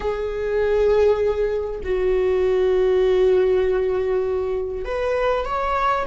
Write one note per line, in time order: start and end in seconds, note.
0.00 1.80 G#4
1.83 4.85 F#4
4.85 5.45 B4
5.45 6.06 C#5